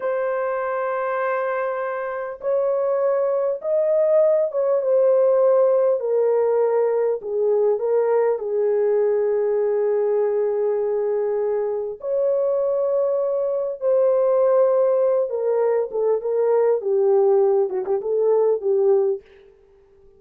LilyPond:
\new Staff \with { instrumentName = "horn" } { \time 4/4 \tempo 4 = 100 c''1 | cis''2 dis''4. cis''8 | c''2 ais'2 | gis'4 ais'4 gis'2~ |
gis'1 | cis''2. c''4~ | c''4. ais'4 a'8 ais'4 | g'4. fis'16 g'16 a'4 g'4 | }